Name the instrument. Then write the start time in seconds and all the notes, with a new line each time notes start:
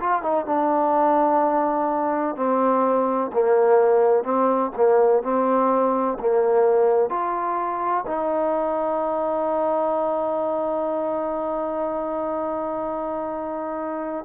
trombone
0.00 F4
0.22 D#4
0.45 D4
2.36 C4
3.33 A#3
4.24 C4
4.76 A#3
5.23 C4
6.19 A#3
7.10 F4
8.07 D#4